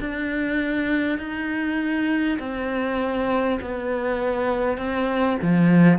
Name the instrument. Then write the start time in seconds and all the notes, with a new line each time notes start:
cello
0.00 D4
1.19 D#4
2.39 C4
3.62 B3
4.78 C4
5.42 F3